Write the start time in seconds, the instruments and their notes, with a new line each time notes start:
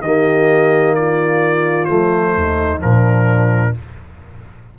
0.00 tuba D#3, trombone A#3, horn G4, trumpet D#5
0.95 horn F4, trumpet D5
1.85 tuba F3, trombone A3, trumpet C5
2.36 tuba D#2, horn D#4
2.78 tuba A#2, trombone F3, trumpet A#4
2.84 horn D4